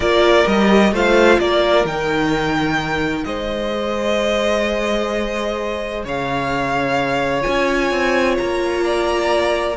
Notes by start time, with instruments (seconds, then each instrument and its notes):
0.00 cello A#3, viola F4, violin A#4 D5
0.46 cello G3, viola G4, violin D#5
0.92 cello A3, viola F4, violin C5 F5
1.39 cello A#3, violin A#4 D5
1.85 cello D#3, viola D#4, violin G5
3.24 cello G#3, violin C5 D#5
3.70 viola G#4
6.04 cello C#3, violin C#5 F5
7.41 viola F4, violin G#5
7.47 cello C#4
7.91 cello C4
8.37 cello A#3, violin A#5
8.85 violin D5